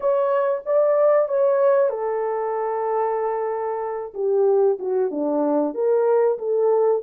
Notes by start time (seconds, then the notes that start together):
0.00 C#5
0.65 D5
1.28 C#5
1.89 A4
4.14 G4
4.79 F#4
5.10 D4
5.74 A#4
6.38 A4